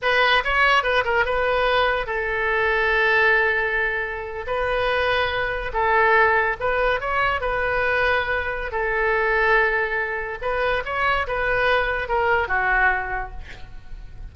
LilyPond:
\new Staff \with { instrumentName = "oboe" } { \time 4/4 \tempo 4 = 144 b'4 cis''4 b'8 ais'8 b'4~ | b'4 a'2.~ | a'2~ a'8. b'4~ b'16~ | b'4.~ b'16 a'2 b'16~ |
b'8. cis''4 b'2~ b'16~ | b'4 a'2.~ | a'4 b'4 cis''4 b'4~ | b'4 ais'4 fis'2 | }